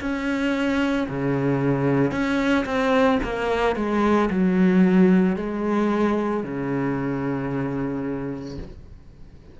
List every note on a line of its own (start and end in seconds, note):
0.00 1.07 C#4
1.08 2.11 C#3
2.11 2.64 C#4
2.65 3.19 C4
3.23 3.75 A#3
3.75 4.29 G#3
4.30 5.36 F#3
5.36 6.43 G#3
6.43 8.58 C#3